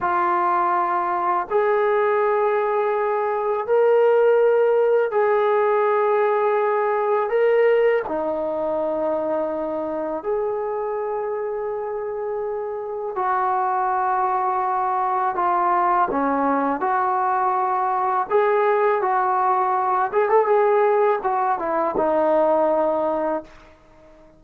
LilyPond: \new Staff \with { instrumentName = "trombone" } { \time 4/4 \tempo 4 = 82 f'2 gis'2~ | gis'4 ais'2 gis'4~ | gis'2 ais'4 dis'4~ | dis'2 gis'2~ |
gis'2 fis'2~ | fis'4 f'4 cis'4 fis'4~ | fis'4 gis'4 fis'4. gis'16 a'16 | gis'4 fis'8 e'8 dis'2 | }